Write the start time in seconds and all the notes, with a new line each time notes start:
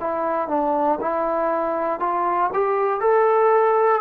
0.00 E4
0.48 D4
1.01 E4
2.00 F4
2.53 G4
3.00 A4